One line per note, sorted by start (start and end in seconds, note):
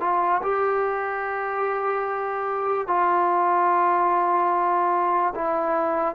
0.00 0.41 F4
0.43 2.87 G4
2.87 5.34 F4
5.35 6.15 E4